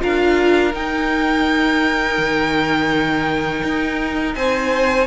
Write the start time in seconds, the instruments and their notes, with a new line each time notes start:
0.00 cello D4, viola F4, violin A#4 F5
0.73 viola D#4, cello D#4, violin G5
2.18 cello D#3
3.64 cello D#4
4.35 cello C4, violin C5 G#5